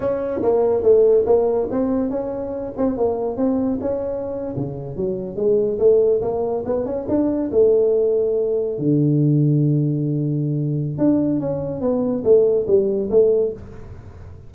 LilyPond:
\new Staff \with { instrumentName = "tuba" } { \time 4/4 \tempo 4 = 142 cis'4 ais4 a4 ais4 | c'4 cis'4. c'8 ais4 | c'4 cis'4.~ cis'16 cis4 fis16~ | fis8. gis4 a4 ais4 b16~ |
b16 cis'8 d'4 a2~ a16~ | a8. d2.~ d16~ | d2 d'4 cis'4 | b4 a4 g4 a4 | }